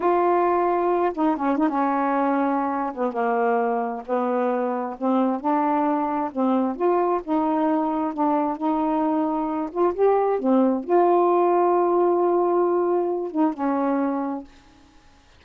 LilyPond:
\new Staff \with { instrumentName = "saxophone" } { \time 4/4 \tempo 4 = 133 f'2~ f'8 dis'8 cis'8 dis'16 cis'16~ | cis'2~ cis'8 b8 ais4~ | ais4 b2 c'4 | d'2 c'4 f'4 |
dis'2 d'4 dis'4~ | dis'4. f'8 g'4 c'4 | f'1~ | f'4. dis'8 cis'2 | }